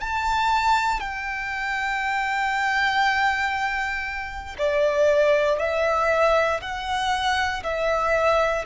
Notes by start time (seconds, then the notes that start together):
0.00 A5
1.00 G5
4.58 D5
5.59 E5
6.61 F#5
7.63 E5